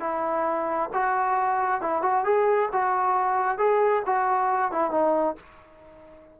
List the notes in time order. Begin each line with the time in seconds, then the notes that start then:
0.00 E4
0.93 F#4
1.81 E4
2.02 F#4
2.24 G#4
2.72 F#4
3.58 G#4
4.06 F#4
4.71 E4
4.91 D#4